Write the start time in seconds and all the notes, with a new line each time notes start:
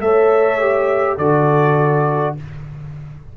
0.00 A3 A4 C#5 E5
0.59 G4
1.17 D3 F#4 A4 D5